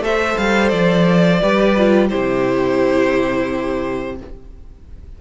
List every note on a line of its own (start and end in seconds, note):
0.00 0.34 A3
0.00 1.40 A4
0.00 1.42 C5
0.00 0.37 E5
0.37 0.72 G3
0.37 0.69 F5
0.69 1.41 F3
0.69 2.07 D5
1.42 2.11 G3
1.42 1.77 G4
1.42 2.09 B4
1.77 2.10 F4
2.09 4.21 C3
2.09 4.17 E4
2.09 4.16 G4
2.09 4.16 C5